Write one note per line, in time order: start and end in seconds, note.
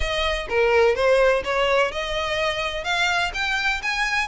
0.00 0.47 D#5
0.49 0.95 A#4
0.95 1.42 C5
1.44 1.91 C#5
1.91 2.84 D#5
2.84 3.31 F5
3.33 3.81 G5
3.82 4.27 G#5